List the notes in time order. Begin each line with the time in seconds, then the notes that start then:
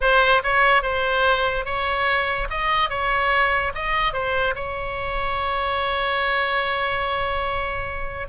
0.00 C5
0.43 C#5
0.82 C5
1.65 C#5
2.50 D#5
2.89 C#5
3.74 D#5
4.13 C5
4.55 C#5